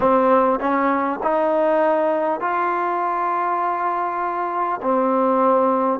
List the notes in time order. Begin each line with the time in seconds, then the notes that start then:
0.00 C4
0.59 C#4
1.22 D#4
2.40 F4
4.82 C4